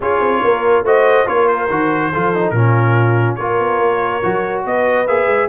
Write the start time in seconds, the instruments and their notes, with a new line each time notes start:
0.00 tuba C#4, trombone F4, horn G#4, trumpet C#5
0.20 tuba C4
0.43 tuba A#3, horn A#4
0.82 tuba A3, trombone F#4, horn C5, trumpet D#5
1.26 tuba A#3, trombone F4, horn A#4, trumpet C#5
1.48 trumpet C5
1.69 tuba D#3, trombone F#4
2.13 tuba F3, trombone F4, horn A4
2.34 trombone D#4
2.50 tuba A#2, trombone C#4, horn F4, trumpet A#4
3.35 tuba A#3, trombone F4, horn A#4, trumpet C#5
3.59 tuba B3
3.78 tuba A#3
4.22 tuba F#3, trombone F#4
4.65 tuba B3, horn B4, trumpet D#5
5.07 tuba A#3, trombone G#4, trumpet E5
5.26 tuba G#3